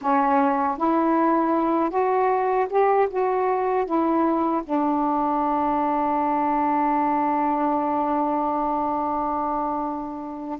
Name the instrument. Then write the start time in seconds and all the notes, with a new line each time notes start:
saxophone
0.01 C#4
0.77 E4
1.90 F#4
2.69 G4
3.10 F#4
3.85 E4
4.64 D4